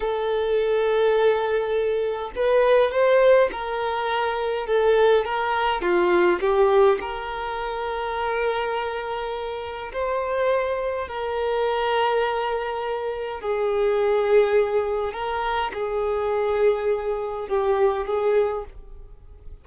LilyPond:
\new Staff \with { instrumentName = "violin" } { \time 4/4 \tempo 4 = 103 a'1 | b'4 c''4 ais'2 | a'4 ais'4 f'4 g'4 | ais'1~ |
ais'4 c''2 ais'4~ | ais'2. gis'4~ | gis'2 ais'4 gis'4~ | gis'2 g'4 gis'4 | }